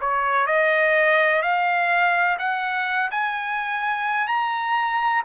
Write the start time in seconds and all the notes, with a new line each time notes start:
0.00 C#5
0.46 D#5
1.42 F5
2.38 F#5
3.10 G#5
4.27 A#5